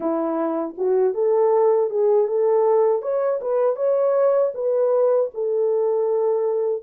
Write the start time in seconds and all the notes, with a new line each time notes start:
0.00 E4
0.77 F#4
1.14 A4
1.90 G#4
2.27 A4
3.02 C#5
3.41 B4
3.76 C#5
4.54 B4
5.34 A4